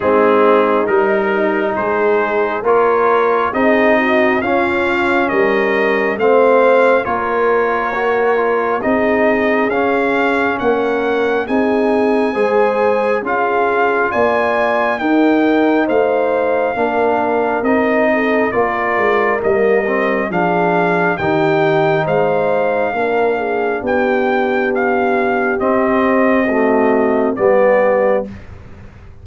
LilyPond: <<
  \new Staff \with { instrumentName = "trumpet" } { \time 4/4 \tempo 4 = 68 gis'4 ais'4 c''4 cis''4 | dis''4 f''4 dis''4 f''4 | cis''2 dis''4 f''4 | fis''4 gis''2 f''4 |
gis''4 g''4 f''2 | dis''4 d''4 dis''4 f''4 | g''4 f''2 g''4 | f''4 dis''2 d''4 | }
  \new Staff \with { instrumentName = "horn" } { \time 4/4 dis'2 gis'4 ais'4 | gis'8 fis'8 f'4 ais'4 c''4 | ais'2 gis'2 | ais'4 gis'4 c''4 gis'4 |
d''4 ais'4 c''4 ais'4~ | ais'8 a'8 ais'2 gis'4 | g'4 c''4 ais'8 gis'8 g'4~ | g'2 fis'4 g'4 | }
  \new Staff \with { instrumentName = "trombone" } { \time 4/4 c'4 dis'2 f'4 | dis'4 cis'2 c'4 | f'4 fis'8 f'8 dis'4 cis'4~ | cis'4 dis'4 gis'4 f'4~ |
f'4 dis'2 d'4 | dis'4 f'4 ais8 c'8 d'4 | dis'2 d'2~ | d'4 c'4 a4 b4 | }
  \new Staff \with { instrumentName = "tuba" } { \time 4/4 gis4 g4 gis4 ais4 | c'4 cis'4 g4 a4 | ais2 c'4 cis'4 | ais4 c'4 gis4 cis'4 |
ais4 dis'4 a4 ais4 | c'4 ais8 gis8 g4 f4 | dis4 gis4 ais4 b4~ | b4 c'2 g4 | }
>>